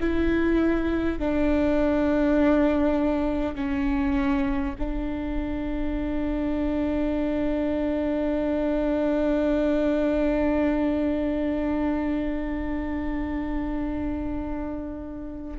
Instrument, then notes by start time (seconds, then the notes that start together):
viola
0.00 E4
1.19 D4
3.55 C#4
4.78 D4